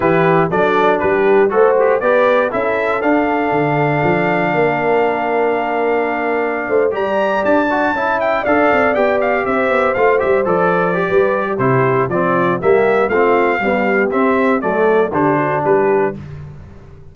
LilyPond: <<
  \new Staff \with { instrumentName = "trumpet" } { \time 4/4 \tempo 4 = 119 b'4 d''4 b'4 a'8 g'8 | d''4 e''4 f''2~ | f''1~ | f''4.~ f''16 ais''4 a''4~ a''16~ |
a''16 g''8 f''4 g''8 f''8 e''4 f''16~ | f''16 e''8 d''2~ d''16 c''4 | d''4 e''4 f''2 | e''4 d''4 c''4 b'4 | }
  \new Staff \with { instrumentName = "horn" } { \time 4/4 g'4 a'4 g'4 c''4 | b'4 a'2.~ | a'4 ais'2.~ | ais'4~ ais'16 c''8 d''2 e''16~ |
e''8. d''2 c''4~ c''16~ | c''2 b'8. g'4~ g'16 | f'4 g'4 f'4 g'4~ | g'4 a'4 g'8 fis'8 g'4 | }
  \new Staff \with { instrumentName = "trombone" } { \time 4/4 e'4 d'2 fis'4 | g'4 e'4 d'2~ | d'1~ | d'4.~ d'16 g'4. fis'8 e'16~ |
e'8. a'4 g'2 f'16~ | f'16 g'8 a'4 g'4~ g'16 e'4 | c'4 ais4 c'4 g4 | c'4 a4 d'2 | }
  \new Staff \with { instrumentName = "tuba" } { \time 4/4 e4 fis4 g4 a4 | b4 cis'4 d'4 d4 | f4 ais2.~ | ais4~ ais16 a8 g4 d'4 cis'16~ |
cis'8. d'8 c'8 b4 c'8 b8 a16~ | a16 g8 f4~ f16 g4 c4 | f4 g4 a4 b4 | c'4 fis4 d4 g4 | }
>>